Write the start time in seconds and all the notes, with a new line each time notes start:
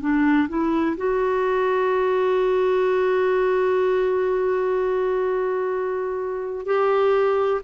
0.00 D4
0.48 E4
0.97 F#4
6.66 G4